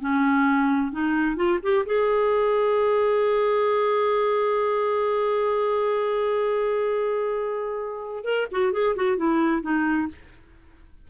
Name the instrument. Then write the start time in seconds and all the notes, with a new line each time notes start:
clarinet
0.00 C#4
0.92 D#4
1.36 F4
1.62 G4
1.86 G#4
8.24 A#4
8.51 F#4
8.72 G#4
8.96 F#4
9.17 E4
9.62 D#4